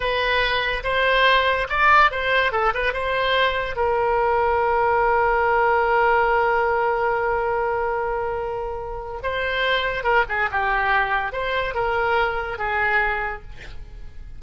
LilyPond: \new Staff \with { instrumentName = "oboe" } { \time 4/4 \tempo 4 = 143 b'2 c''2 | d''4 c''4 a'8 b'8 c''4~ | c''4 ais'2.~ | ais'1~ |
ais'1~ | ais'2 c''2 | ais'8 gis'8 g'2 c''4 | ais'2 gis'2 | }